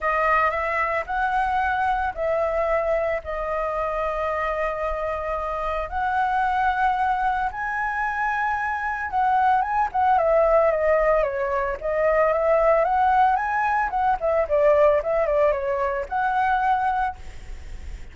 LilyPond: \new Staff \with { instrumentName = "flute" } { \time 4/4 \tempo 4 = 112 dis''4 e''4 fis''2 | e''2 dis''2~ | dis''2. fis''4~ | fis''2 gis''2~ |
gis''4 fis''4 gis''8 fis''8 e''4 | dis''4 cis''4 dis''4 e''4 | fis''4 gis''4 fis''8 e''8 d''4 | e''8 d''8 cis''4 fis''2 | }